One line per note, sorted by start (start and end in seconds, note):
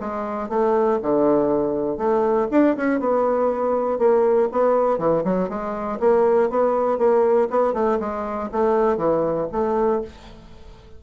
0.00 0.49 G#3
0.49 0.99 A3
1.02 1.97 D3
1.97 2.47 A3
2.51 2.76 D4
2.76 2.99 C#4
2.99 3.98 B3
3.98 4.48 A#3
4.52 4.98 B3
4.98 5.23 E3
5.24 5.49 F#3
5.49 5.99 G#3
6.00 6.49 A#3
6.49 6.98 B3
6.98 7.48 A#3
7.50 7.73 B3
7.73 7.98 A3
8.00 8.50 G#3
8.51 8.97 A3
8.97 9.47 E3
9.52 10.02 A3